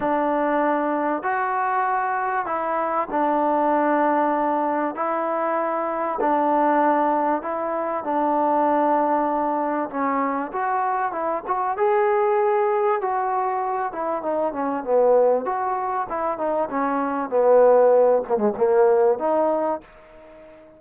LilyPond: \new Staff \with { instrumentName = "trombone" } { \time 4/4 \tempo 4 = 97 d'2 fis'2 | e'4 d'2. | e'2 d'2 | e'4 d'2. |
cis'4 fis'4 e'8 fis'8 gis'4~ | gis'4 fis'4. e'8 dis'8 cis'8 | b4 fis'4 e'8 dis'8 cis'4 | b4. ais16 gis16 ais4 dis'4 | }